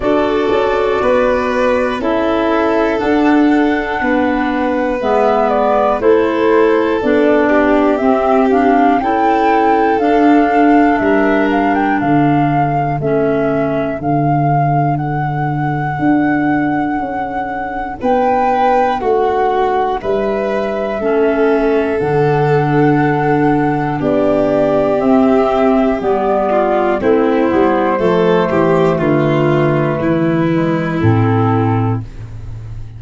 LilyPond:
<<
  \new Staff \with { instrumentName = "flute" } { \time 4/4 \tempo 4 = 60 d''2 e''4 fis''4~ | fis''4 e''8 d''8 c''4 d''4 | e''8 f''8 g''4 f''4 e''8 f''16 g''16 | f''4 e''4 f''4 fis''4~ |
fis''2 g''4 fis''4 | e''2 fis''2 | d''4 e''4 d''4 c''4~ | c''4 b'2 a'4 | }
  \new Staff \with { instrumentName = "violin" } { \time 4/4 a'4 b'4 a'2 | b'2 a'4. g'8~ | g'4 a'2 ais'4 | a'1~ |
a'2 b'4 fis'4 | b'4 a'2. | g'2~ g'8 f'8 e'4 | a'8 g'8 f'4 e'2 | }
  \new Staff \with { instrumentName = "clarinet" } { \time 4/4 fis'2 e'4 d'4~ | d'4 b4 e'4 d'4 | c'8 d'8 e'4 d'2~ | d'4 cis'4 d'2~ |
d'1~ | d'4 cis'4 d'2~ | d'4 c'4 b4 c'8 b8 | a2~ a8 gis8 c'4 | }
  \new Staff \with { instrumentName = "tuba" } { \time 4/4 d'8 cis'8 b4 cis'4 d'4 | b4 gis4 a4 b4 | c'4 cis'4 d'4 g4 | d4 a4 d2 |
d'4 cis'4 b4 a4 | g4 a4 d2 | b4 c'4 g4 a8 g8 | f8 e8 d4 e4 a,4 | }
>>